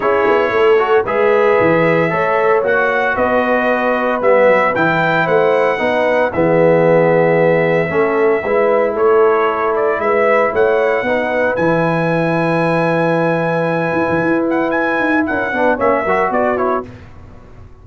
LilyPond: <<
  \new Staff \with { instrumentName = "trumpet" } { \time 4/4 \tempo 4 = 114 cis''2 e''2~ | e''4 fis''4 dis''2 | e''4 g''4 fis''2 | e''1~ |
e''4 cis''4. d''8 e''4 | fis''2 gis''2~ | gis''2.~ gis''8 fis''8 | gis''4 fis''4 e''4 d''8 cis''8 | }
  \new Staff \with { instrumentName = "horn" } { \time 4/4 gis'4 a'4 b'2 | cis''2 b'2~ | b'2 c''4 b'4 | gis'2. a'4 |
b'4 a'2 b'4 | cis''4 b'2.~ | b'1~ | b'4 ais'8 b'8 cis''8 ais'8 fis'4 | }
  \new Staff \with { instrumentName = "trombone" } { \time 4/4 e'4. fis'8 gis'2 | a'4 fis'2. | b4 e'2 dis'4 | b2. cis'4 |
e'1~ | e'4 dis'4 e'2~ | e'1~ | e'4. d'8 cis'8 fis'4 e'8 | }
  \new Staff \with { instrumentName = "tuba" } { \time 4/4 cis'8 b8 a4 gis4 e4 | a4 ais4 b2 | g8 fis8 e4 a4 b4 | e2. a4 |
gis4 a2 gis4 | a4 b4 e2~ | e2~ e8 e'16 e16 e'4~ | e'8 dis'8 cis'8 b8 ais8 fis8 b4 | }
>>